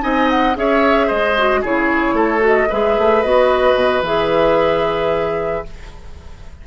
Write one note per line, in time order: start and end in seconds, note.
0.00 0.56 C4
0.00 0.54 D#4
0.00 0.57 D#5
0.00 0.29 G#5
0.30 0.56 F#5
0.55 1.10 C#4
0.55 1.35 G#4
0.55 1.06 C#5
0.55 1.09 E5
1.06 1.63 G#3
1.06 1.60 C5
1.06 1.62 D#5
1.37 1.64 F#4
1.61 2.13 C#3
1.61 2.39 E4
1.61 2.15 G#4
1.61 2.45 C#5
2.13 2.67 A3
2.13 2.68 A4
2.39 2.66 F#4
2.46 2.72 D#5
2.70 2.98 G#3
2.70 3.24 G#4
2.70 5.64 B4
2.70 3.22 E5
2.98 3.24 A3
3.22 3.75 B3
3.22 4.04 F#4
3.22 4.03 D#5
3.75 4.01 B2
4.02 5.62 E3
4.02 5.65 G#4
4.02 5.67 E5